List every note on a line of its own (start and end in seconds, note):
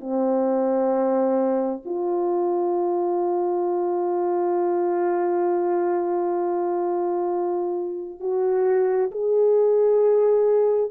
0.00 1.82 C4
1.85 8.19 F4
8.19 9.10 F#4
9.11 10.90 G#4